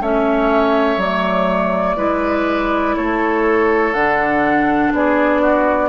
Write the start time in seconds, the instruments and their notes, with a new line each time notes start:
0.00 bassoon A3, clarinet C#4, oboe C#5, flute E5
0.97 bassoon F#3, clarinet A3, flute D5
1.96 bassoon G#3, clarinet E4, oboe B4
2.96 bassoon A3, oboe A4, flute C#5
3.93 bassoon D3, clarinet D4, flute F#5
4.92 bassoon B3, oboe G#4, flute D5
5.41 oboe F#4